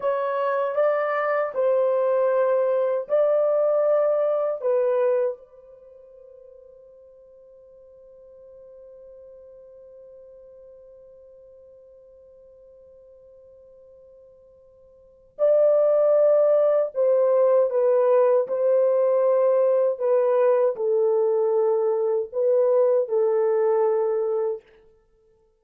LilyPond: \new Staff \with { instrumentName = "horn" } { \time 4/4 \tempo 4 = 78 cis''4 d''4 c''2 | d''2 b'4 c''4~ | c''1~ | c''1~ |
c''1 | d''2 c''4 b'4 | c''2 b'4 a'4~ | a'4 b'4 a'2 | }